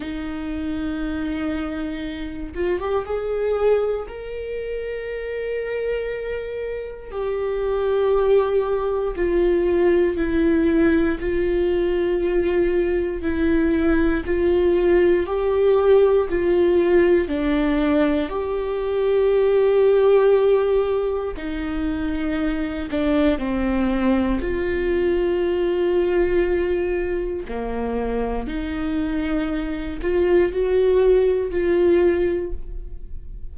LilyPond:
\new Staff \with { instrumentName = "viola" } { \time 4/4 \tempo 4 = 59 dis'2~ dis'8 f'16 g'16 gis'4 | ais'2. g'4~ | g'4 f'4 e'4 f'4~ | f'4 e'4 f'4 g'4 |
f'4 d'4 g'2~ | g'4 dis'4. d'8 c'4 | f'2. ais4 | dis'4. f'8 fis'4 f'4 | }